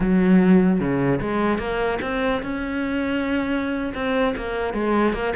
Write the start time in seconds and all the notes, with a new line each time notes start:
0.00 F#3
0.80 C#3
1.21 G#3
1.58 A#3
2.01 C4
2.42 C#4
3.94 C4
4.36 A#3
4.73 G#3
5.13 A#3